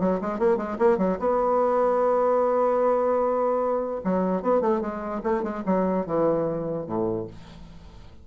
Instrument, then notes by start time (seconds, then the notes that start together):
bassoon
0.00 F#3
0.21 G#3
0.39 A#3
0.57 G#3
0.79 A#3
0.98 F#3
1.19 B3
4.04 F#3
4.42 B3
4.61 A3
4.81 G#3
5.23 A3
5.43 G#3
5.66 F#3
6.06 E3
6.87 A2